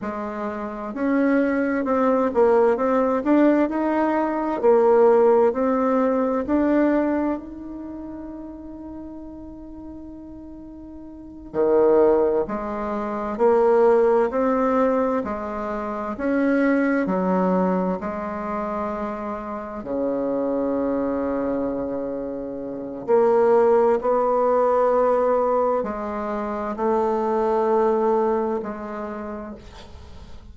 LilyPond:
\new Staff \with { instrumentName = "bassoon" } { \time 4/4 \tempo 4 = 65 gis4 cis'4 c'8 ais8 c'8 d'8 | dis'4 ais4 c'4 d'4 | dis'1~ | dis'8 dis4 gis4 ais4 c'8~ |
c'8 gis4 cis'4 fis4 gis8~ | gis4. cis2~ cis8~ | cis4 ais4 b2 | gis4 a2 gis4 | }